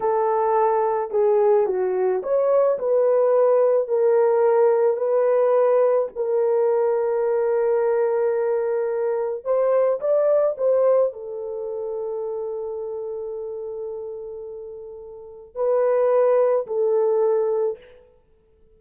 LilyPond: \new Staff \with { instrumentName = "horn" } { \time 4/4 \tempo 4 = 108 a'2 gis'4 fis'4 | cis''4 b'2 ais'4~ | ais'4 b'2 ais'4~ | ais'1~ |
ais'4 c''4 d''4 c''4 | a'1~ | a'1 | b'2 a'2 | }